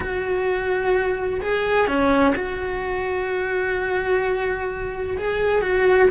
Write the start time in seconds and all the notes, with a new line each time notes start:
0.00 F#4
1.41 G#4
1.87 C#4
2.35 F#4
5.17 G#4
5.61 F#4